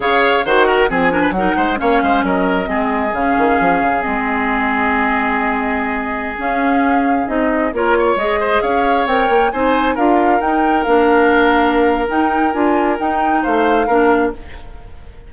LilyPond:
<<
  \new Staff \with { instrumentName = "flute" } { \time 4/4 \tempo 4 = 134 f''4 fis''4 gis''4 fis''4 | f''4 dis''2 f''4~ | f''4 dis''2.~ | dis''2~ dis''16 f''4.~ f''16~ |
f''16 dis''4 cis''4 dis''4 f''8.~ | f''16 g''4 gis''4 f''4 g''8.~ | g''16 f''2~ f''8. g''4 | gis''4 g''4 f''2 | }
  \new Staff \with { instrumentName = "oboe" } { \time 4/4 cis''4 c''8 ais'8 gis'8 ais'16 b'16 ais'8 c''8 | cis''8 c''8 ais'4 gis'2~ | gis'1~ | gis'1~ |
gis'4~ gis'16 ais'8 cis''4 c''8 cis''8.~ | cis''4~ cis''16 c''4 ais'4.~ ais'16~ | ais'1~ | ais'2 c''4 ais'4 | }
  \new Staff \with { instrumentName = "clarinet" } { \time 4/4 gis'4 fis'4 c'8 d'8 dis'4 | cis'2 c'4 cis'4~ | cis'4 c'2.~ | c'2~ c'16 cis'4.~ cis'16~ |
cis'16 dis'4 f'4 gis'4.~ gis'16~ | gis'16 ais'4 dis'4 f'4 dis'8.~ | dis'16 d'2~ d'8. dis'4 | f'4 dis'2 d'4 | }
  \new Staff \with { instrumentName = "bassoon" } { \time 4/4 cis4 dis4 f4 fis8 gis8 | ais8 gis8 fis4 gis4 cis8 dis8 | f8 cis8 gis2.~ | gis2~ gis16 cis'4.~ cis'16~ |
cis'16 c'4 ais4 gis4 cis'8.~ | cis'16 c'8 ais8 c'4 d'4 dis'8.~ | dis'16 ais2~ ais8. dis'4 | d'4 dis'4 a4 ais4 | }
>>